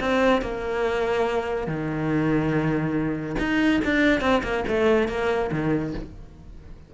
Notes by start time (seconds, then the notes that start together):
0.00 C4
0.41 A#3
1.67 D#3
3.39 D#4
3.84 D4
4.20 C4
4.43 A#3
4.67 A3
5.08 A#3
5.52 D#3